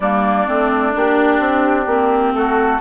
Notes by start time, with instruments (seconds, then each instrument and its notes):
0.00 bassoon G3, clarinet A#3, oboe D4, flute D5
0.46 bassoon A3, clarinet C4
0.92 bassoon A#3, clarinet D4, flute G4
1.39 bassoon C4
1.86 bassoon A#3, clarinet C4
2.33 bassoon A3, oboe F#4, flute A4